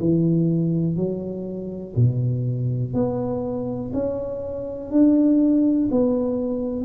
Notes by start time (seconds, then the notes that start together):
0.00 E3
0.97 F#3
1.96 B2
2.94 B3
3.93 C#4
4.91 D4
5.91 B3